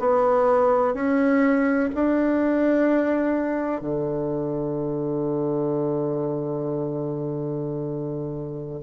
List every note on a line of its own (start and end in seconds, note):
0.00 0.94 B3
0.94 1.90 C#4
1.95 3.81 D4
3.81 8.81 D3